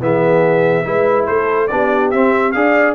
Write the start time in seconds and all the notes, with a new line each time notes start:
0.00 E3 B3 G#4 E5
0.85 G#3 E4 B4
1.26 A3 A4 C5
1.67 B3 D4 G4 D5
2.10 C4 E5
2.51 D4 G#4 D5 F5